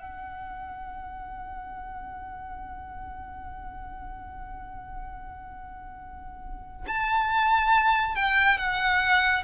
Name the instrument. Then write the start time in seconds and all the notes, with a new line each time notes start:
violin
0.00 F#5
6.88 A5
8.15 G5
8.58 F#5